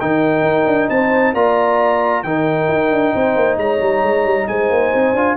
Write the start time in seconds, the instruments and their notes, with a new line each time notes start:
0.00 tuba D#3, trombone D#4, horn A#4, trumpet G5
0.42 tuba D#4
0.66 tuba D4
0.89 tuba C4, horn C5, trumpet A5
1.34 tuba A#3, trombone F4, horn D5, trumpet A#5
2.23 tuba D#3, trombone D#4, horn A#4, trumpet G5
2.68 tuba D#4
2.91 tuba D4
3.15 tuba C4, horn C5
3.36 tuba A#3
3.57 tuba G#3, horn C#5, trumpet A#5
3.81 tuba G3
4.03 tuba G#3
4.25 tuba G3
4.47 tuba G#3, horn C5, trumpet G#5
4.70 tuba A#3
4.94 tuba C4
5.13 tuba D4, trombone F4